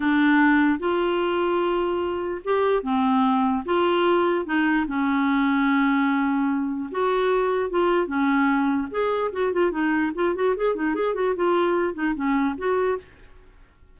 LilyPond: \new Staff \with { instrumentName = "clarinet" } { \time 4/4 \tempo 4 = 148 d'2 f'2~ | f'2 g'4 c'4~ | c'4 f'2 dis'4 | cis'1~ |
cis'4 fis'2 f'4 | cis'2 gis'4 fis'8 f'8 | dis'4 f'8 fis'8 gis'8 dis'8 gis'8 fis'8 | f'4. dis'8 cis'4 fis'4 | }